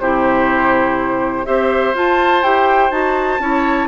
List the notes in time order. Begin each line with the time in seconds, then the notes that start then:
0.00 C3 E4 G4 C5
1.46 C4 G4 C5 E5
1.95 F4 A5
2.43 E4 G4 G5
2.91 D#4 F#4 A5
3.40 C#4 E4 C#5